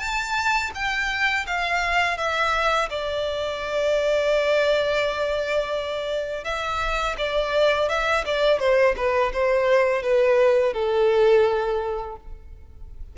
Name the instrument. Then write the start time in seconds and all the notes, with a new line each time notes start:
violin
0.00 A5
0.75 G5
1.47 F5
2.18 E5
2.90 D5
6.44 E5
7.18 D5
7.89 E5
8.26 D5
8.60 C5
8.97 B4
9.33 C5
10.03 B4
10.74 A4